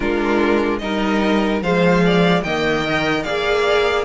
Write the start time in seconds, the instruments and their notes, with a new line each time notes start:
0.00 cello G#3, viola D4, violin F4 A#4
0.78 cello G3, viola D#4, violin A#4 D#5
1.61 cello F3, viola G#3, violin C5 F5
2.05 violin D5
2.43 cello D#3, viola A#3, violin D#5 G5
2.84 viola A#4
3.23 cello A#3, viola G#4, violin D5 F5